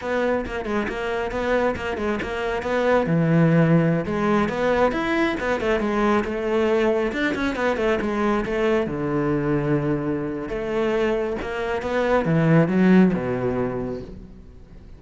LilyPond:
\new Staff \with { instrumentName = "cello" } { \time 4/4 \tempo 4 = 137 b4 ais8 gis8 ais4 b4 | ais8 gis8 ais4 b4 e4~ | e4~ e16 gis4 b4 e'8.~ | e'16 b8 a8 gis4 a4.~ a16~ |
a16 d'8 cis'8 b8 a8 gis4 a8.~ | a16 d2.~ d8. | a2 ais4 b4 | e4 fis4 b,2 | }